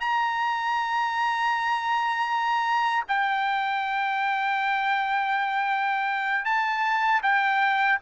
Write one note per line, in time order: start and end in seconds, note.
0.00 3.04 A#5
3.08 6.45 G5
6.45 7.21 A5
7.23 7.99 G5